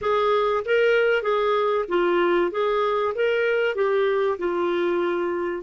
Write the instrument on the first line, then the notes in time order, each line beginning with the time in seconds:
clarinet
0.01 G#4
0.65 A#4
1.22 G#4
1.88 F4
2.51 G#4
3.14 A#4
3.75 G4
4.38 F4